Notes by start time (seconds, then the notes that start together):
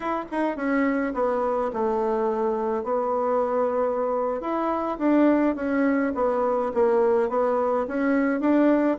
0.00 E4
0.31 D#4
0.56 C#4
1.14 B3
1.73 A3
2.83 B3
4.40 E4
4.98 D4
5.55 C#4
6.15 B3
6.74 A#3
7.29 B3
7.87 C#4
8.40 D4